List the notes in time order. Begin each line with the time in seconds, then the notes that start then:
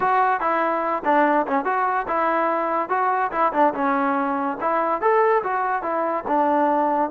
0.00 F#4
0.40 E4
1.04 D4
1.46 C#4
1.65 F#4
2.07 E4
2.89 F#4
3.31 E4
3.52 D4
3.74 C#4
4.60 E4
5.01 A4
5.43 F#4
5.82 E4
6.27 D4